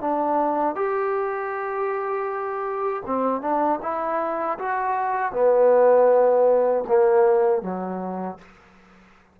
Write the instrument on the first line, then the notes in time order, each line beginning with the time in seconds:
trombone
0.00 D4
0.75 G4
3.06 C4
3.41 D4
3.82 E4
4.58 F#4
5.32 B3
6.87 A#3
7.62 F#3